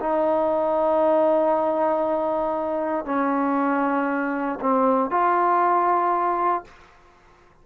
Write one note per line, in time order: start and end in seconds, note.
0.00 3.05 D#4
3.05 4.59 C#4
4.61 5.10 C4
5.10 6.64 F4